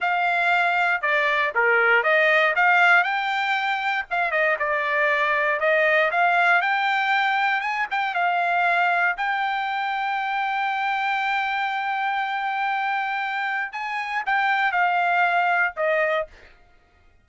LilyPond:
\new Staff \with { instrumentName = "trumpet" } { \time 4/4 \tempo 4 = 118 f''2 d''4 ais'4 | dis''4 f''4 g''2 | f''8 dis''8 d''2 dis''4 | f''4 g''2 gis''8 g''8 |
f''2 g''2~ | g''1~ | g''2. gis''4 | g''4 f''2 dis''4 | }